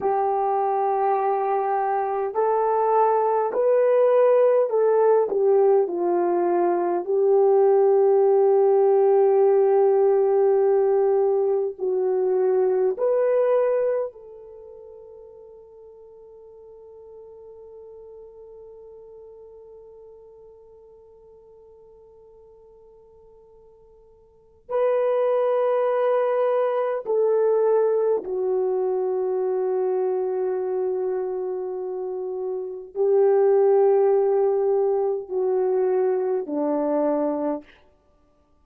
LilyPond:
\new Staff \with { instrumentName = "horn" } { \time 4/4 \tempo 4 = 51 g'2 a'4 b'4 | a'8 g'8 f'4 g'2~ | g'2 fis'4 b'4 | a'1~ |
a'1~ | a'4 b'2 a'4 | fis'1 | g'2 fis'4 d'4 | }